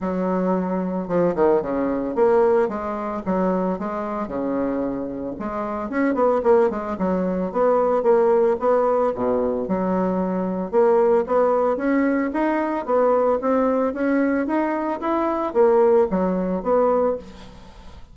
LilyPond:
\new Staff \with { instrumentName = "bassoon" } { \time 4/4 \tempo 4 = 112 fis2 f8 dis8 cis4 | ais4 gis4 fis4 gis4 | cis2 gis4 cis'8 b8 | ais8 gis8 fis4 b4 ais4 |
b4 b,4 fis2 | ais4 b4 cis'4 dis'4 | b4 c'4 cis'4 dis'4 | e'4 ais4 fis4 b4 | }